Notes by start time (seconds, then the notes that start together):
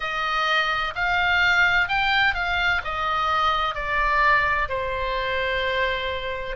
0.00 D#5
0.95 F5
1.88 G5
2.34 F5
2.84 D#5
3.74 D5
4.69 C5